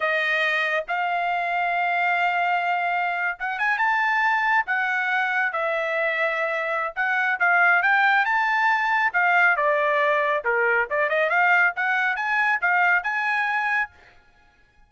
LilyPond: \new Staff \with { instrumentName = "trumpet" } { \time 4/4 \tempo 4 = 138 dis''2 f''2~ | f''2.~ f''8. fis''16~ | fis''16 gis''8 a''2 fis''4~ fis''16~ | fis''8. e''2.~ e''16 |
fis''4 f''4 g''4 a''4~ | a''4 f''4 d''2 | ais'4 d''8 dis''8 f''4 fis''4 | gis''4 f''4 gis''2 | }